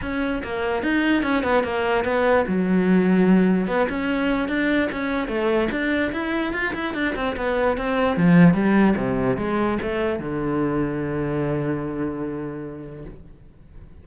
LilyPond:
\new Staff \with { instrumentName = "cello" } { \time 4/4 \tempo 4 = 147 cis'4 ais4 dis'4 cis'8 b8 | ais4 b4 fis2~ | fis4 b8 cis'4. d'4 | cis'4 a4 d'4 e'4 |
f'8 e'8 d'8 c'8 b4 c'4 | f4 g4 c4 gis4 | a4 d2.~ | d1 | }